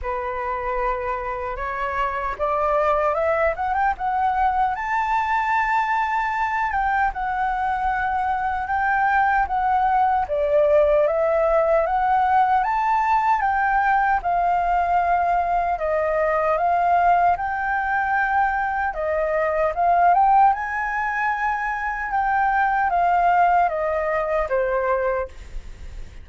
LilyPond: \new Staff \with { instrumentName = "flute" } { \time 4/4 \tempo 4 = 76 b'2 cis''4 d''4 | e''8 fis''16 g''16 fis''4 a''2~ | a''8 g''8 fis''2 g''4 | fis''4 d''4 e''4 fis''4 |
a''4 g''4 f''2 | dis''4 f''4 g''2 | dis''4 f''8 g''8 gis''2 | g''4 f''4 dis''4 c''4 | }